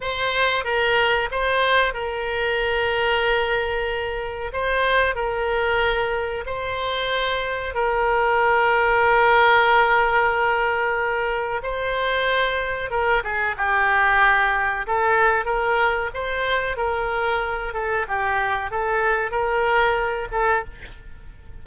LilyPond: \new Staff \with { instrumentName = "oboe" } { \time 4/4 \tempo 4 = 93 c''4 ais'4 c''4 ais'4~ | ais'2. c''4 | ais'2 c''2 | ais'1~ |
ais'2 c''2 | ais'8 gis'8 g'2 a'4 | ais'4 c''4 ais'4. a'8 | g'4 a'4 ais'4. a'8 | }